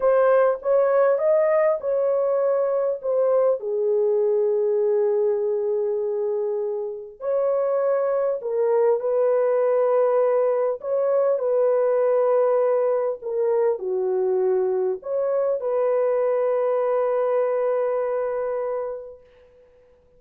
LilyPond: \new Staff \with { instrumentName = "horn" } { \time 4/4 \tempo 4 = 100 c''4 cis''4 dis''4 cis''4~ | cis''4 c''4 gis'2~ | gis'1 | cis''2 ais'4 b'4~ |
b'2 cis''4 b'4~ | b'2 ais'4 fis'4~ | fis'4 cis''4 b'2~ | b'1 | }